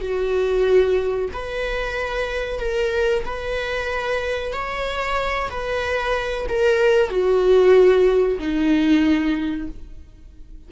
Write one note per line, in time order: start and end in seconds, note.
0.00 1.29 F#4
1.33 2.60 B4
2.60 3.24 A#4
3.25 4.52 B4
4.52 5.49 C#5
5.50 6.47 B4
6.48 7.09 A#4
7.09 8.38 F#4
8.39 9.68 D#4